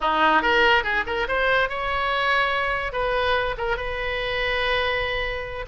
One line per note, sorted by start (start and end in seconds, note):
0.01 0.42 D#4
0.42 0.83 A#4
0.83 1.04 G#4
1.06 1.27 A#4
1.28 1.69 C5
1.69 2.92 C#5
2.92 3.55 B4
3.57 3.76 A#4
3.76 5.65 B4